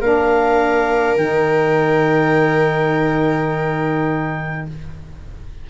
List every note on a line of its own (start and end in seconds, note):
0.00 1.16 A#3
0.00 1.18 D4
0.00 4.67 A#4
0.00 1.17 F5
1.16 4.66 D#3
1.16 4.69 D#4
1.16 4.66 G5